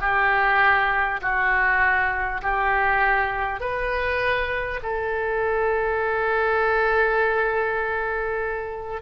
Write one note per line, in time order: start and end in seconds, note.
0.00 1.20 G4
1.21 2.41 F#4
2.42 3.60 G4
3.60 4.80 B4
4.82 9.02 A4